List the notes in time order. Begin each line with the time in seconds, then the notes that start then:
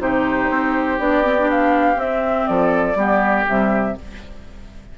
0.00 C3 D#4 G4 C5
0.50 C4
0.99 B3 D4 D5
1.23 C4
1.38 D4
1.50 F5
1.95 C4 E5
2.47 F3 A4 D5
2.95 G3 B3 G4
3.46 C3 G3 E5